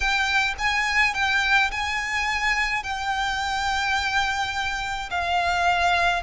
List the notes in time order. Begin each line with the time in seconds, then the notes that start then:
0.00 G5
0.58 G#5
1.14 G5
1.71 G#5
2.83 G5
5.10 F5